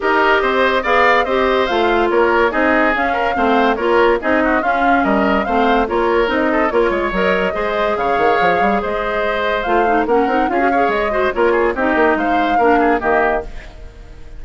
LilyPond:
<<
  \new Staff \with { instrumentName = "flute" } { \time 4/4 \tempo 4 = 143 dis''2 f''4 dis''4 | f''4 cis''4 dis''4 f''4~ | f''4 cis''4 dis''4 f''4 | dis''4 f''4 cis''4 dis''4 |
cis''4 dis''2 f''4~ | f''4 dis''2 f''4 | fis''4 f''4 dis''4 cis''4 | dis''4 f''2 dis''4 | }
  \new Staff \with { instrumentName = "oboe" } { \time 4/4 ais'4 c''4 d''4 c''4~ | c''4 ais'4 gis'4. ais'8 | c''4 ais'4 gis'8 fis'8 f'4 | ais'4 c''4 ais'4. a'8 |
ais'8 cis''4. c''4 cis''4~ | cis''4 c''2. | ais'4 gis'8 cis''4 c''8 ais'8 gis'8 | g'4 c''4 ais'8 gis'8 g'4 | }
  \new Staff \with { instrumentName = "clarinet" } { \time 4/4 g'2 gis'4 g'4 | f'2 dis'4 cis'4 | c'4 f'4 dis'4 cis'4~ | cis'4 c'4 f'4 dis'4 |
f'4 ais'4 gis'2~ | gis'2. f'8 dis'8 | cis'8 dis'8 f'16 fis'16 gis'4 fis'8 f'4 | dis'2 d'4 ais4 | }
  \new Staff \with { instrumentName = "bassoon" } { \time 4/4 dis'4 c'4 b4 c'4 | a4 ais4 c'4 cis'4 | a4 ais4 c'4 cis'4 | g4 a4 ais4 c'4 |
ais8 gis8 fis4 gis4 cis8 dis8 | f8 g8 gis2 a4 | ais8 c'8 cis'4 gis4 ais4 | c'8 ais8 gis4 ais4 dis4 | }
>>